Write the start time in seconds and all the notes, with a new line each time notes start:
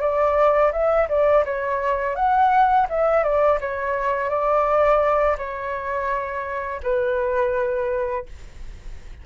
0.00 D5
0.72 E5
1.08 D5
1.44 C#5
2.15 F#5
2.89 E5
3.23 D5
3.60 C#5
4.29 D5
5.37 C#5
6.83 B4